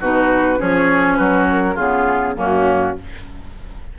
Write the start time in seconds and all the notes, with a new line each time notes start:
0.00 B2 D#4 F#4 B4
0.57 F3 C#4 G#4 C#5
1.16 F#3 F#4 B4
1.51 A#4
1.75 C#3 B3 F4 G#4
2.36 F#2 A#3 C#4 F#4